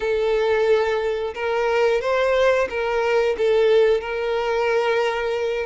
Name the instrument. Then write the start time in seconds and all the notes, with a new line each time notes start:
violin
0.00 A4
1.34 A#4
2.01 C5
2.69 A#4
3.37 A4
4.01 A#4